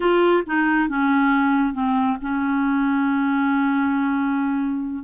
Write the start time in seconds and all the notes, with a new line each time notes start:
0.00 F4
0.46 D#4
0.88 C#4
1.73 C4
2.21 C#4